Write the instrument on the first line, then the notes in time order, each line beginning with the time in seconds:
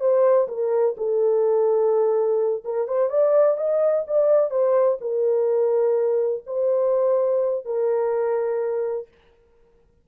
horn
0.00 C5
0.48 A#4
0.97 A4
2.64 A#4
2.87 C5
3.10 D5
3.57 D#5
4.07 D5
4.50 C5
5.01 A#4
6.46 C5
7.65 A#4